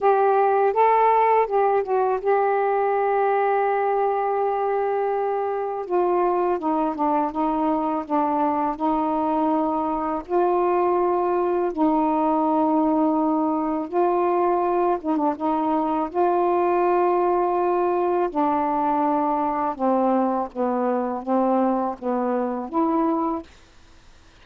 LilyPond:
\new Staff \with { instrumentName = "saxophone" } { \time 4/4 \tempo 4 = 82 g'4 a'4 g'8 fis'8 g'4~ | g'1 | f'4 dis'8 d'8 dis'4 d'4 | dis'2 f'2 |
dis'2. f'4~ | f'8 dis'16 d'16 dis'4 f'2~ | f'4 d'2 c'4 | b4 c'4 b4 e'4 | }